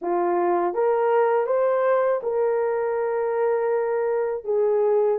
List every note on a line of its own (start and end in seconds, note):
0.01 0.74 F4
0.74 1.46 A#4
1.46 2.20 C5
2.23 4.44 A#4
4.44 5.18 G#4